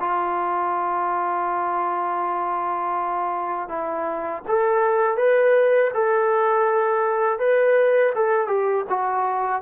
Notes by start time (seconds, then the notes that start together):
0.00 F4
3.69 E4
4.48 A4
5.17 B4
5.94 A4
7.39 B4
8.15 A4
8.48 G4
8.90 F#4